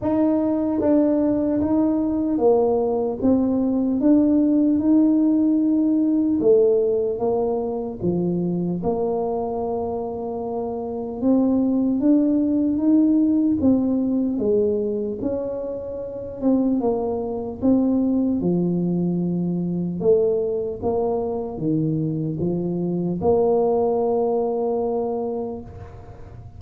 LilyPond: \new Staff \with { instrumentName = "tuba" } { \time 4/4 \tempo 4 = 75 dis'4 d'4 dis'4 ais4 | c'4 d'4 dis'2 | a4 ais4 f4 ais4~ | ais2 c'4 d'4 |
dis'4 c'4 gis4 cis'4~ | cis'8 c'8 ais4 c'4 f4~ | f4 a4 ais4 dis4 | f4 ais2. | }